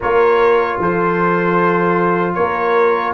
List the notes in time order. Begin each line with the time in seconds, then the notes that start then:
0.00 A#3 F4 A#4 C#5
0.78 F3 A4 C5
2.34 A#3 A#4 C#5